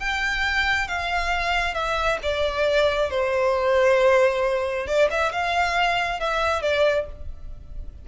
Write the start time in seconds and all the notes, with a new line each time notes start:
0.00 G5
0.88 F5
1.75 E5
2.23 D5
3.11 C5
4.88 D5
5.11 E5
5.33 F5
6.20 E5
6.62 D5